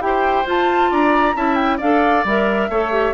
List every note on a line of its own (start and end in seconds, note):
0.00 0.45 E4
0.00 0.46 G4
0.00 0.46 G5
0.06 0.91 C5
0.46 0.90 F4
0.46 1.35 F4
0.46 0.93 A5
0.91 1.35 D4
0.91 1.35 D5
0.91 1.36 A#5
1.35 1.80 C#4
1.35 1.80 E4
1.35 1.77 E5
1.35 1.55 A5
1.55 1.77 G5
1.77 2.24 D4
1.77 2.26 A4
1.77 2.67 D5
1.77 2.25 F5
2.24 2.69 G3
2.24 2.72 A#4
2.24 3.14 E5
2.69 3.14 A3
2.69 2.92 A4
2.69 3.14 C#5
2.92 3.14 G4